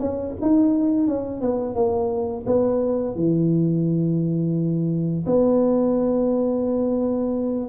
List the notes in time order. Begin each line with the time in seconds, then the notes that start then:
0.00 C#4
0.42 D#4
1.08 C#4
1.41 B3
1.75 A#3
2.46 B3
3.16 E3
5.26 B3